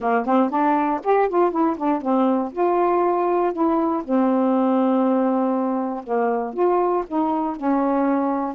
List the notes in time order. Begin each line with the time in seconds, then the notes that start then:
0.00 A#3
0.25 C4
0.50 D4
1.03 G4
1.29 F4
1.51 E4
1.76 D4
2.01 C4
2.52 F4
3.52 E4
4.04 C4
6.03 A#3
6.53 F4
7.07 D#4
7.56 C#4